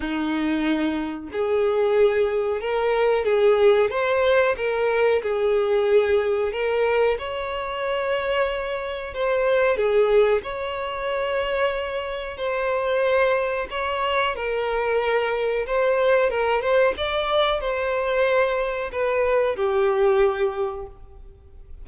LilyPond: \new Staff \with { instrumentName = "violin" } { \time 4/4 \tempo 4 = 92 dis'2 gis'2 | ais'4 gis'4 c''4 ais'4 | gis'2 ais'4 cis''4~ | cis''2 c''4 gis'4 |
cis''2. c''4~ | c''4 cis''4 ais'2 | c''4 ais'8 c''8 d''4 c''4~ | c''4 b'4 g'2 | }